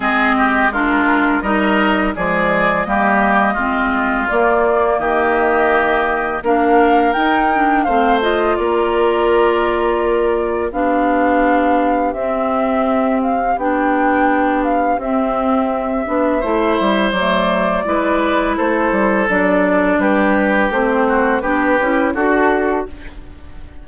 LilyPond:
<<
  \new Staff \with { instrumentName = "flute" } { \time 4/4 \tempo 4 = 84 dis''4 ais'4 dis''4 d''4 | dis''2 d''4 dis''4~ | dis''4 f''4 g''4 f''8 dis''8 | d''2. f''4~ |
f''4 e''4. f''8 g''4~ | g''8 f''8 e''2. | d''2 c''4 d''4 | b'4 c''4 b'4 a'4 | }
  \new Staff \with { instrumentName = "oboe" } { \time 4/4 gis'8 g'8 f'4 ais'4 gis'4 | g'4 f'2 g'4~ | g'4 ais'2 c''4 | ais'2. g'4~ |
g'1~ | g'2. c''4~ | c''4 b'4 a'2 | g'4. fis'8 g'4 fis'4 | }
  \new Staff \with { instrumentName = "clarinet" } { \time 4/4 c'4 d'4 dis'4 gis4 | ais4 c'4 ais2~ | ais4 d'4 dis'8 d'8 c'8 f'8~ | f'2. d'4~ |
d'4 c'2 d'4~ | d'4 c'4. d'8 e'4 | a4 e'2 d'4~ | d'4 c'4 d'8 e'8 fis'4 | }
  \new Staff \with { instrumentName = "bassoon" } { \time 4/4 gis2 g4 f4 | g4 gis4 ais4 dis4~ | dis4 ais4 dis'4 a4 | ais2. b4~ |
b4 c'2 b4~ | b4 c'4. b8 a8 g8 | fis4 gis4 a8 g8 fis4 | g4 a4 b8 cis'8 d'4 | }
>>